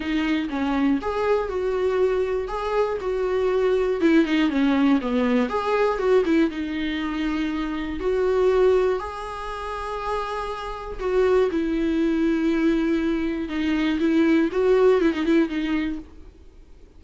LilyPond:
\new Staff \with { instrumentName = "viola" } { \time 4/4 \tempo 4 = 120 dis'4 cis'4 gis'4 fis'4~ | fis'4 gis'4 fis'2 | e'8 dis'8 cis'4 b4 gis'4 | fis'8 e'8 dis'2. |
fis'2 gis'2~ | gis'2 fis'4 e'4~ | e'2. dis'4 | e'4 fis'4 e'16 dis'16 e'8 dis'4 | }